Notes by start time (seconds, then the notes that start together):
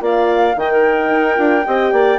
0.00 A#3 F4 D5 F5
0.56 D#3 D#4 D#5 G5
0.71 A#4
1.11 D#4
1.36 D4 F4
1.66 C4 G4 D#5
1.93 A#3 D5